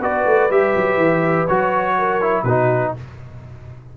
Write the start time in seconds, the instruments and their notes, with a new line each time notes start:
0.00 tuba B3, trombone F#4, horn B4, trumpet D5
0.26 tuba A3
0.50 tuba G3, trombone G4, trumpet E5
0.77 tuba F#3
0.97 tuba E3
1.48 tuba F#3, trombone F#4, trumpet C#5
1.98 horn A#4
2.22 trombone E4
2.44 tuba B2, trombone D#4, horn F#4, trumpet B4